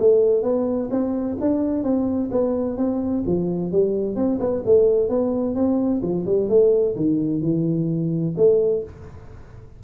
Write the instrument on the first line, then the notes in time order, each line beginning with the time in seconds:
tuba
0.00 A3
0.43 B3
0.91 C4
1.41 D4
1.84 C4
2.32 B3
2.78 C4
3.27 F3
3.72 G3
4.16 C4
4.40 B3
4.66 A3
5.10 B3
5.55 C4
6.03 F3
6.26 G3
6.49 A3
6.96 D#3
7.42 E3
8.37 A3